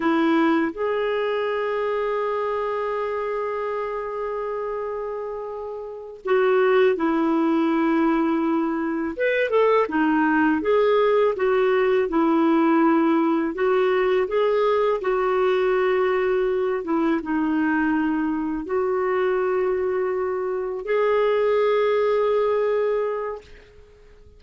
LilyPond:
\new Staff \with { instrumentName = "clarinet" } { \time 4/4 \tempo 4 = 82 e'4 gis'2.~ | gis'1~ | gis'8 fis'4 e'2~ e'8~ | e'8 b'8 a'8 dis'4 gis'4 fis'8~ |
fis'8 e'2 fis'4 gis'8~ | gis'8 fis'2~ fis'8 e'8 dis'8~ | dis'4. fis'2~ fis'8~ | fis'8 gis'2.~ gis'8 | }